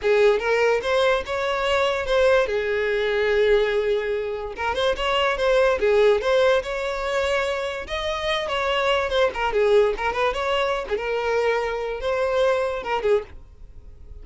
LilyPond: \new Staff \with { instrumentName = "violin" } { \time 4/4 \tempo 4 = 145 gis'4 ais'4 c''4 cis''4~ | cis''4 c''4 gis'2~ | gis'2. ais'8 c''8 | cis''4 c''4 gis'4 c''4 |
cis''2. dis''4~ | dis''8 cis''4. c''8 ais'8 gis'4 | ais'8 b'8 cis''4~ cis''16 gis'16 ais'4.~ | ais'4 c''2 ais'8 gis'8 | }